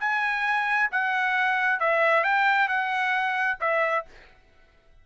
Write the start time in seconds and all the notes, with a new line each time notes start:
0.00 G#5
0.92 F#5
1.80 E5
2.24 G5
2.68 F#5
3.60 E5